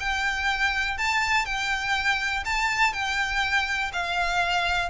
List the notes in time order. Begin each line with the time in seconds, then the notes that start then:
0.00 G5
0.98 A5
1.45 G5
2.45 A5
2.93 G5
3.93 F5